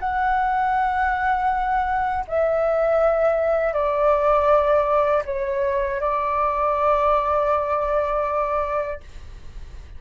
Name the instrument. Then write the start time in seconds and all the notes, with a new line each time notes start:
flute
0.00 F#5
2.28 E5
3.74 D5
5.26 C#5
6.01 D5